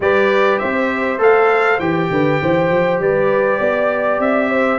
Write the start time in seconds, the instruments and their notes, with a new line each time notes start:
0.00 tuba G3, trombone G4, horn B4, trumpet D5
0.58 tuba C4, horn C5, trumpet E5
1.18 tuba A3, trombone A4, trumpet F5
1.79 tuba E3, trombone G4, trumpet G5
2.10 tuba D3, horn B4
2.41 tuba E3, horn C5
2.69 tuba F3
2.99 tuba G3, horn B4, trumpet D5
3.59 tuba B3, horn D5
4.19 tuba C4, trumpet E5
4.49 horn C5